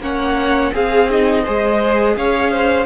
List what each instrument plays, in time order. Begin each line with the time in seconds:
0.00 cello A#3, viola C#4, violin C#5 F#5
0.72 cello C4, viola G#4, violin G#4 F5
1.10 viola D#4, violin D#5
1.44 cello G#3, viola G#4, violin C5
2.16 cello C#4, violin C#5 F5
2.51 violin C5